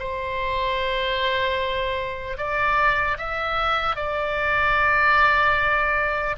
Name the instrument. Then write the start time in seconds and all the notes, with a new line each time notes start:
oboe
0.00 C5
2.38 D5
3.18 E5
3.96 D5